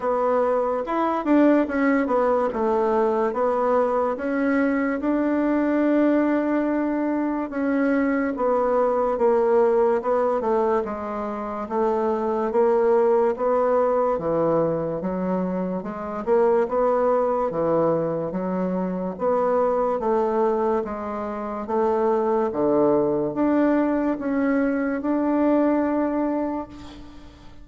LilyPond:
\new Staff \with { instrumentName = "bassoon" } { \time 4/4 \tempo 4 = 72 b4 e'8 d'8 cis'8 b8 a4 | b4 cis'4 d'2~ | d'4 cis'4 b4 ais4 | b8 a8 gis4 a4 ais4 |
b4 e4 fis4 gis8 ais8 | b4 e4 fis4 b4 | a4 gis4 a4 d4 | d'4 cis'4 d'2 | }